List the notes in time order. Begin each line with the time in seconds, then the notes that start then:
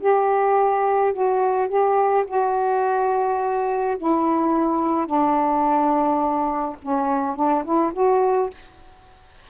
0.00 G4
1.13 F#4
1.68 G4
2.27 F#4
3.98 E4
5.06 D4
6.82 C#4
7.35 D4
7.64 E4
7.93 F#4